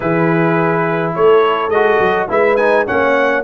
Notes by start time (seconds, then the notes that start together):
0.00 E3 E4 G#4 B4
1.15 A3 A4 C#5
1.68 G#3 F#4 D#5
1.99 F#3
2.29 G#3 E4 B4 E5
2.56 D#4 G#5
2.86 A#3 C#4 C#5 F#5